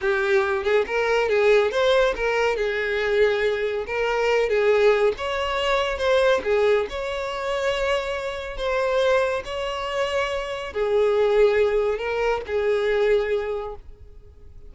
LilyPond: \new Staff \with { instrumentName = "violin" } { \time 4/4 \tempo 4 = 140 g'4. gis'8 ais'4 gis'4 | c''4 ais'4 gis'2~ | gis'4 ais'4. gis'4. | cis''2 c''4 gis'4 |
cis''1 | c''2 cis''2~ | cis''4 gis'2. | ais'4 gis'2. | }